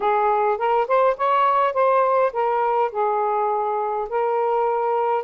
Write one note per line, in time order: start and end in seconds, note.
0.00 0.57 G#4
0.57 0.87 A#4
0.87 1.17 C5
1.17 1.73 C#5
1.73 2.31 C5
2.32 2.91 A#4
2.91 4.08 G#4
4.09 5.24 A#4